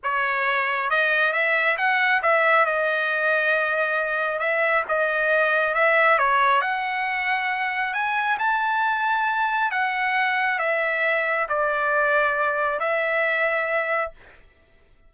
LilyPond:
\new Staff \with { instrumentName = "trumpet" } { \time 4/4 \tempo 4 = 136 cis''2 dis''4 e''4 | fis''4 e''4 dis''2~ | dis''2 e''4 dis''4~ | dis''4 e''4 cis''4 fis''4~ |
fis''2 gis''4 a''4~ | a''2 fis''2 | e''2 d''2~ | d''4 e''2. | }